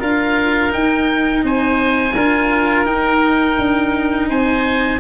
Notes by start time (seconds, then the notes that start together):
0.00 D4 F4 A#4 F5
0.69 D#4 G5
1.44 C4 C5 G#5
2.15 D4 F4 A#4
2.86 D#4 G5
3.58 D4
4.29 C4 C5 G#5